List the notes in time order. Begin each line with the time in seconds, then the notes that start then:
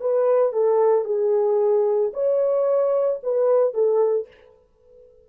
0.00 B4
0.53 A4
1.04 G#4
2.13 C#5
3.23 B4
3.74 A4